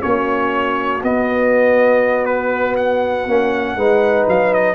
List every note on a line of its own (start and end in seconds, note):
0.00 1.03 A#3
0.00 1.00 C#4
0.00 3.77 F#4
0.00 1.02 C#5
1.03 3.27 B3
1.03 3.29 B3
1.03 2.26 D#5
2.26 2.76 B4
2.77 4.27 F#5
3.27 3.76 A#3
3.27 3.78 C#4
3.76 4.26 G#3
3.76 4.76 D#4
3.76 4.76 B4
4.28 4.76 F#3
4.28 4.54 F5
4.54 4.76 D#5